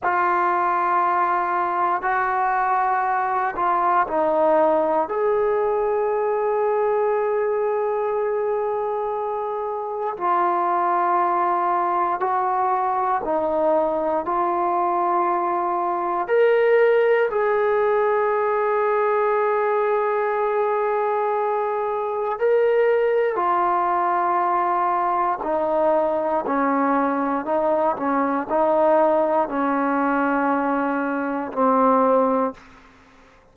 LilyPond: \new Staff \with { instrumentName = "trombone" } { \time 4/4 \tempo 4 = 59 f'2 fis'4. f'8 | dis'4 gis'2.~ | gis'2 f'2 | fis'4 dis'4 f'2 |
ais'4 gis'2.~ | gis'2 ais'4 f'4~ | f'4 dis'4 cis'4 dis'8 cis'8 | dis'4 cis'2 c'4 | }